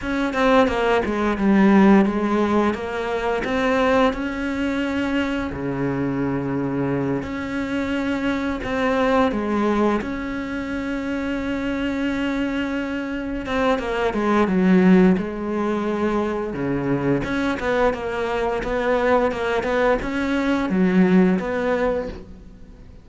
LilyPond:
\new Staff \with { instrumentName = "cello" } { \time 4/4 \tempo 4 = 87 cis'8 c'8 ais8 gis8 g4 gis4 | ais4 c'4 cis'2 | cis2~ cis8 cis'4.~ | cis'8 c'4 gis4 cis'4.~ |
cis'2.~ cis'8 c'8 | ais8 gis8 fis4 gis2 | cis4 cis'8 b8 ais4 b4 | ais8 b8 cis'4 fis4 b4 | }